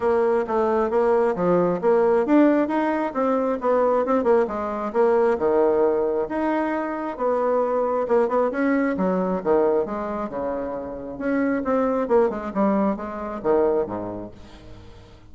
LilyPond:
\new Staff \with { instrumentName = "bassoon" } { \time 4/4 \tempo 4 = 134 ais4 a4 ais4 f4 | ais4 d'4 dis'4 c'4 | b4 c'8 ais8 gis4 ais4 | dis2 dis'2 |
b2 ais8 b8 cis'4 | fis4 dis4 gis4 cis4~ | cis4 cis'4 c'4 ais8 gis8 | g4 gis4 dis4 gis,4 | }